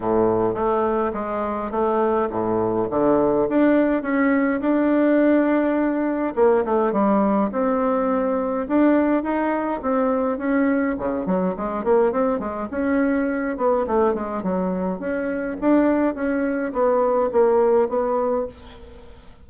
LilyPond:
\new Staff \with { instrumentName = "bassoon" } { \time 4/4 \tempo 4 = 104 a,4 a4 gis4 a4 | a,4 d4 d'4 cis'4 | d'2. ais8 a8 | g4 c'2 d'4 |
dis'4 c'4 cis'4 cis8 fis8 | gis8 ais8 c'8 gis8 cis'4. b8 | a8 gis8 fis4 cis'4 d'4 | cis'4 b4 ais4 b4 | }